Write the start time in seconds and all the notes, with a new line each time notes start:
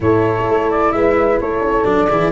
0.00 A2 E4 A4 C#5
0.49 A3
0.70 D5
0.92 G#3 B4 E5
1.41 A3 A4 C#5
1.60 C#4
1.84 F#3 D4 D5
2.09 E3 E4 G#4